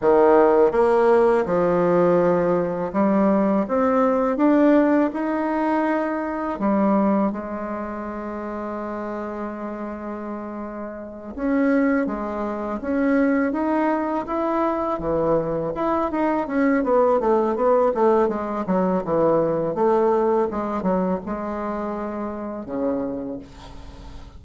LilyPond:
\new Staff \with { instrumentName = "bassoon" } { \time 4/4 \tempo 4 = 82 dis4 ais4 f2 | g4 c'4 d'4 dis'4~ | dis'4 g4 gis2~ | gis2.~ gis8 cis'8~ |
cis'8 gis4 cis'4 dis'4 e'8~ | e'8 e4 e'8 dis'8 cis'8 b8 a8 | b8 a8 gis8 fis8 e4 a4 | gis8 fis8 gis2 cis4 | }